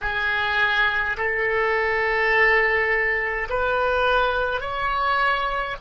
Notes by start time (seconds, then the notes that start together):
0.01 G#4
1.17 A4
3.49 B4
4.60 C#5